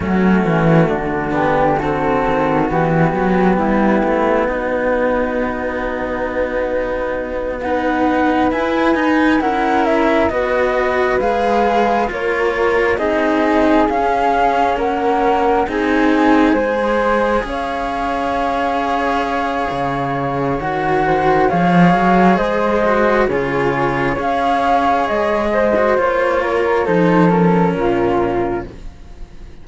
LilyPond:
<<
  \new Staff \with { instrumentName = "flute" } { \time 4/4 \tempo 4 = 67 fis'4. g'8 a'4 g'4~ | g'4 fis'2.~ | fis'8 fis''4 gis''4 fis''8 e''8 dis''8~ | dis''8 f''4 cis''4 dis''4 f''8~ |
f''8 fis''4 gis''2 f''8~ | f''2. fis''4 | f''4 dis''4 cis''4 f''4 | dis''4 cis''4 c''8 ais'4. | }
  \new Staff \with { instrumentName = "flute" } { \time 4/4 cis'4 d'4 fis'2 | e'4 dis'2.~ | dis'8 b'2 ais'4 b'8~ | b'4. ais'4 gis'4.~ |
gis'8 ais'4 gis'4 c''4 cis''8~ | cis''2.~ cis''8 c''8 | cis''4 c''4 gis'4 cis''4~ | cis''8 c''4 ais'8 a'4 f'4 | }
  \new Staff \with { instrumentName = "cello" } { \time 4/4 a4. b8 c'4 b4~ | b1~ | b8 dis'4 e'8 dis'8 e'4 fis'8~ | fis'8 gis'4 f'4 dis'4 cis'8~ |
cis'4. dis'4 gis'4.~ | gis'2. fis'4 | gis'4. fis'8 f'4 gis'4~ | gis'8. fis'16 f'4 dis'8 cis'4. | }
  \new Staff \with { instrumentName = "cello" } { \time 4/4 fis8 e8 d4. dis8 e8 fis8 | g8 a8 b2.~ | b4. e'8 dis'8 cis'4 b8~ | b8 gis4 ais4 c'4 cis'8~ |
cis'8 ais4 c'4 gis4 cis'8~ | cis'2 cis4 dis4 | f8 fis8 gis4 cis4 cis'4 | gis4 ais4 f4 ais,4 | }
>>